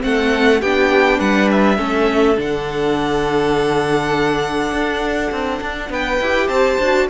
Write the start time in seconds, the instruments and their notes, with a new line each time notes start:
0.00 cello A3, viola C4, violin A4 F#5
0.61 cello B3, viola D4, violin G4 G5
1.19 cello G3, violin B4 F#5
1.51 violin E5
1.76 cello A3, viola C#4, violin A4
2.36 cello D3, viola D4, violin F#5
4.72 cello D4
5.31 cello C4
5.61 cello D4
5.89 cello B3, violin B4 G5
6.20 cello E4, viola G4
6.47 cello C4, violin C5 A5
6.78 cello D4, viola F#4